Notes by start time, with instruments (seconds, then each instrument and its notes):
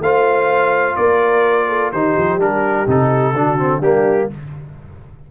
0.00 tuba A3, trombone F4, horn C5, trumpet F5
0.95 tuba A#3, horn A#4, trumpet D5
1.68 horn A4
1.91 tuba D#3, trombone D#4, horn G4, trumpet C5
2.18 tuba F3
2.37 tuba G3, trombone D4, trumpet A#4
2.87 tuba C3, trombone D#4, trumpet A4
3.33 tuba D3, trombone D4, horn F#4
3.58 trombone C4
3.79 tuba G3, trombone A#3, horn D4, trumpet G4